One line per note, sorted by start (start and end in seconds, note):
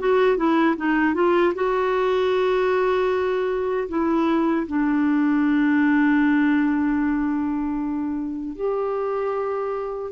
0.00 0.38 F#4
0.38 0.77 E4
0.77 1.15 D#4
1.15 1.54 F4
1.55 3.89 F#4
3.89 4.67 E4
4.68 8.56 D4
8.56 10.12 G4